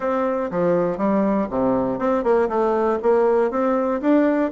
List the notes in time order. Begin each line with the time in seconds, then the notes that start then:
0.00 C4
0.50 F3
0.97 G3
1.50 C3
1.98 C4
2.23 A#3
2.48 A3
3.02 A#3
3.50 C4
4.01 D4